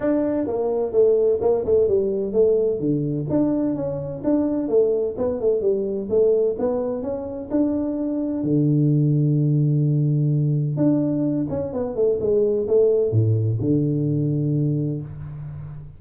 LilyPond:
\new Staff \with { instrumentName = "tuba" } { \time 4/4 \tempo 4 = 128 d'4 ais4 a4 ais8 a8 | g4 a4 d4 d'4 | cis'4 d'4 a4 b8 a8 | g4 a4 b4 cis'4 |
d'2 d2~ | d2. d'4~ | d'8 cis'8 b8 a8 gis4 a4 | a,4 d2. | }